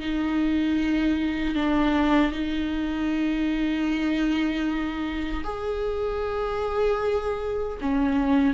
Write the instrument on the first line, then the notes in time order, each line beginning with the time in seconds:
viola
0.00 D#4
1.55 D4
2.32 D#4
5.44 G#4
7.81 C#4